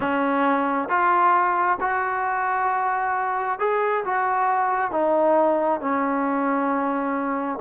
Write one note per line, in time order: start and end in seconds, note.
0.00 0.88 C#4
0.88 1.78 F4
1.80 3.59 F#4
3.59 4.04 G#4
4.05 4.91 F#4
4.91 5.80 D#4
5.80 7.59 C#4